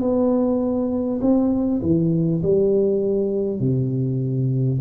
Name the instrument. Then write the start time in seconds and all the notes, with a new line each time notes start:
tuba
0.00 B3
1.21 C4
1.82 E3
2.42 G3
3.59 C3